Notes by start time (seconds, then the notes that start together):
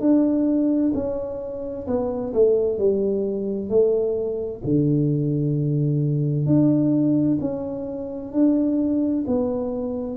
0.00 D4
0.94 C#4
1.87 B3
2.33 A3
2.78 G3
3.69 A3
4.64 D3
6.46 D4
7.41 C#4
8.32 D4
9.27 B3